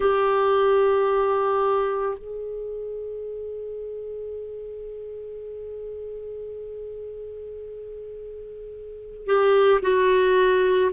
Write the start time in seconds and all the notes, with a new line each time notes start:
0.00 G4
2.18 G#4
9.25 G4
9.82 F#4